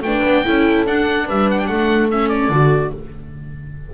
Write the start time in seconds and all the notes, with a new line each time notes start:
0.00 A3 D4 B4 G5
0.25 B3
0.44 C#4 E4 A4
0.86 D4 F#5
1.25 G3 B4 E5
1.50 F#5
1.58 G5
1.66 A3 A4 F#5
2.11 C#4 E5
2.29 D5
2.49 D3 F#4